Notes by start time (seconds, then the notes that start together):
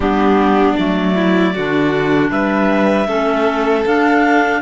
0.00 G3 B3 D4 G4
0.73 F#3 A3 D5
1.15 E4
1.53 D3 D4 F#4
2.30 G3 B4 E5
3.07 A3 C#4 A4
3.85 D4 F5